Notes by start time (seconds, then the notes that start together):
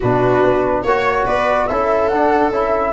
0.00 B2 D4 F#4 B4
0.43 B3
0.83 A#3 F#4 C#5
1.25 B3 B4 D5
1.66 C#4 E4 A4 E5
2.08 D4 F#5
2.50 C#4 E4 E5